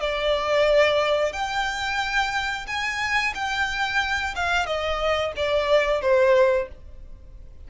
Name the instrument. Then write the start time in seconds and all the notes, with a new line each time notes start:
violin
0.00 D5
1.32 G5
2.67 G#5
3.35 G5
4.35 F5
4.66 D#5
5.36 D5
6.01 C5